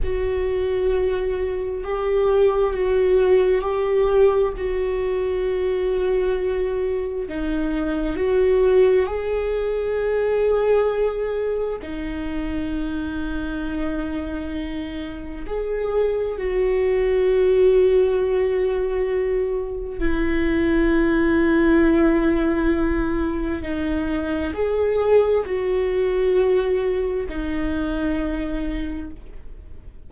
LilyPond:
\new Staff \with { instrumentName = "viola" } { \time 4/4 \tempo 4 = 66 fis'2 g'4 fis'4 | g'4 fis'2. | dis'4 fis'4 gis'2~ | gis'4 dis'2.~ |
dis'4 gis'4 fis'2~ | fis'2 e'2~ | e'2 dis'4 gis'4 | fis'2 dis'2 | }